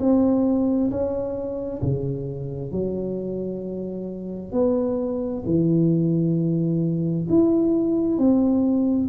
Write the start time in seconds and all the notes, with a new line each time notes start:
0.00 C4
0.91 C#4
1.82 C#3
2.71 F#3
4.52 B3
5.45 E3
7.29 E4
8.18 C4